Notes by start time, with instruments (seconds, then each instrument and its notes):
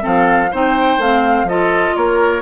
0.00 bassoon F3, clarinet C4, oboe A4
0.06 flute F5
0.51 bassoon C4, clarinet D#4, oboe C5, flute G5
0.98 bassoon A3, clarinet C4, flute F5
1.43 bassoon F3, clarinet F4, oboe A4, flute D#5
1.96 bassoon A#3, oboe A#4, flute C#5